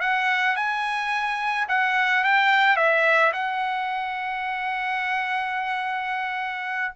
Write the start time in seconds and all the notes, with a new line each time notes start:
0.00 F#5
0.56 G#5
1.68 F#5
2.24 G5
2.76 E5
3.33 F#5